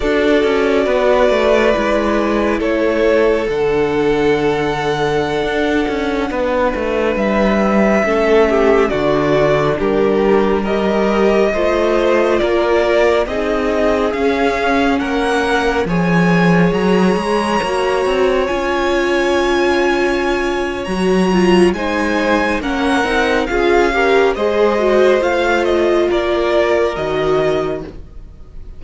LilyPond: <<
  \new Staff \with { instrumentName = "violin" } { \time 4/4 \tempo 4 = 69 d''2. cis''4 | fis''1~ | fis''16 e''2 d''4 ais'8.~ | ais'16 dis''2 d''4 dis''8.~ |
dis''16 f''4 fis''4 gis''4 ais''8.~ | ais''4~ ais''16 gis''2~ gis''8. | ais''4 gis''4 fis''4 f''4 | dis''4 f''8 dis''8 d''4 dis''4 | }
  \new Staff \with { instrumentName = "violin" } { \time 4/4 a'4 b'2 a'4~ | a'2.~ a'16 b'8.~ | b'4~ b'16 a'8 g'8 fis'4 g'8.~ | g'16 ais'4 c''4 ais'4 gis'8.~ |
gis'4~ gis'16 ais'4 cis''4.~ cis''16~ | cis''1~ | cis''4 c''4 ais'4 gis'8 ais'8 | c''2 ais'2 | }
  \new Staff \with { instrumentName = "viola" } { \time 4/4 fis'2 e'2 | d'1~ | d'4~ d'16 cis'4 d'4.~ d'16~ | d'16 g'4 f'2 dis'8.~ |
dis'16 cis'2 gis'4.~ gis'16~ | gis'16 fis'4 f'2~ f'8. | fis'8 f'8 dis'4 cis'8 dis'8 f'8 g'8 | gis'8 fis'8 f'2 fis'4 | }
  \new Staff \with { instrumentName = "cello" } { \time 4/4 d'8 cis'8 b8 a8 gis4 a4 | d2~ d16 d'8 cis'8 b8 a16~ | a16 g4 a4 d4 g8.~ | g4~ g16 a4 ais4 c'8.~ |
c'16 cis'4 ais4 f4 fis8 gis16~ | gis16 ais8 c'8 cis'2~ cis'8. | fis4 gis4 ais8 c'8 cis'4 | gis4 a4 ais4 dis4 | }
>>